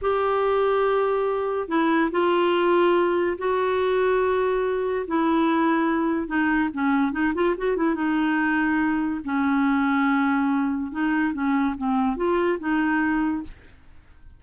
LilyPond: \new Staff \with { instrumentName = "clarinet" } { \time 4/4 \tempo 4 = 143 g'1 | e'4 f'2. | fis'1 | e'2. dis'4 |
cis'4 dis'8 f'8 fis'8 e'8 dis'4~ | dis'2 cis'2~ | cis'2 dis'4 cis'4 | c'4 f'4 dis'2 | }